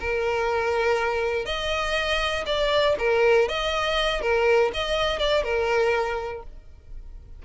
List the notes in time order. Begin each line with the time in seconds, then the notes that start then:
0.00 A#4
1.45 D#5
2.46 D5
2.99 A#4
3.48 D#5
4.21 A#4
4.73 D#5
5.19 D5
5.44 A#4